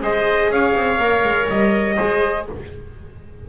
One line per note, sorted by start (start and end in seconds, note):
0.00 0.49 G#3
0.00 0.99 G#4
0.00 0.51 C5
0.00 0.51 D#5
0.49 0.73 C#4
0.49 1.96 C#5
0.49 1.49 F5
0.75 0.98 C4
0.98 1.23 A#3
0.98 1.96 A#4
1.23 1.47 G#3
1.49 1.97 G3
1.49 2.47 D#5
1.96 2.49 G#3
1.96 2.46 G#4
1.96 2.45 C5